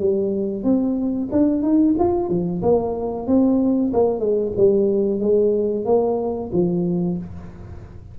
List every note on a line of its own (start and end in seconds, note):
0.00 0.64 G3
0.64 1.29 C4
1.32 1.63 D4
1.63 1.96 D#4
1.99 2.29 F4
2.29 2.62 F3
2.62 3.27 A#3
3.27 3.92 C4
3.94 4.20 A#3
4.20 4.52 G#3
4.57 5.20 G3
5.20 5.85 G#3
5.85 6.51 A#3
6.52 7.18 F3